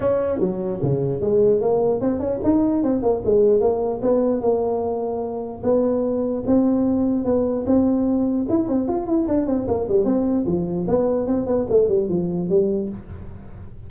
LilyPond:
\new Staff \with { instrumentName = "tuba" } { \time 4/4 \tempo 4 = 149 cis'4 fis4 cis4 gis4 | ais4 c'8 cis'8 dis'4 c'8 ais8 | gis4 ais4 b4 ais4~ | ais2 b2 |
c'2 b4 c'4~ | c'4 e'8 c'8 f'8 e'8 d'8 c'8 | ais8 g8 c'4 f4 b4 | c'8 b8 a8 g8 f4 g4 | }